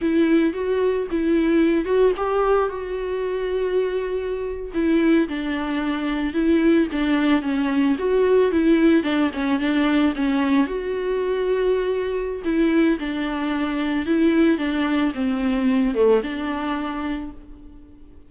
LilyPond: \new Staff \with { instrumentName = "viola" } { \time 4/4 \tempo 4 = 111 e'4 fis'4 e'4. fis'8 | g'4 fis'2.~ | fis'8. e'4 d'2 e'16~ | e'8. d'4 cis'4 fis'4 e'16~ |
e'8. d'8 cis'8 d'4 cis'4 fis'16~ | fis'2. e'4 | d'2 e'4 d'4 | c'4. a8 d'2 | }